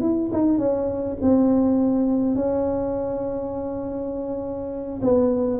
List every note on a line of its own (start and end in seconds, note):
0.00 0.29 E4
0.32 0.58 D#4
0.58 1.17 C#4
1.21 2.35 C4
2.35 5.00 C#4
5.02 5.60 B3